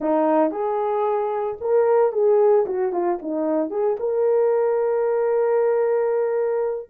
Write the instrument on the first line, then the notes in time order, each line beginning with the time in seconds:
horn
0.00 D#4
0.51 G#4
1.60 A#4
2.12 G#4
2.65 F#4
2.92 F4
3.21 D#4
3.70 G#4
3.99 A#4